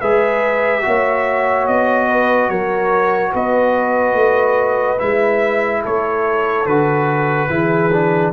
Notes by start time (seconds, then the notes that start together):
0.00 G#3 G#4 B4 E5
0.81 A#3 F#4 C#5
1.67 B3 D#5
2.09 B4
2.49 F#3 A#4 C#5
3.32 B3 B4 D#5
4.14 A3
4.99 G#3 E4 E5
5.82 A3 A4 C#5
6.66 D3 F#4 B4
7.49 E3 E4 G#4
7.92 D4